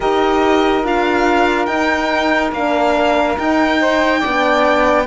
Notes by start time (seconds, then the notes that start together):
0.00 D#4 G4 A#4 D#5
0.84 D4 F4 F5
1.65 D#4 G5
2.52 A#3 D4 F5
3.36 D#4 G5
3.80 C5
4.19 B3 D4 D5